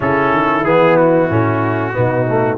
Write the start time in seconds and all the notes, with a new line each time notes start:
0.00 C#3 C#4 E4 A4
0.32 D#3
0.64 E3 B3 G#4
0.97 F#4
1.29 A2 C#4
1.93 B2 B3 D#4
2.28 A3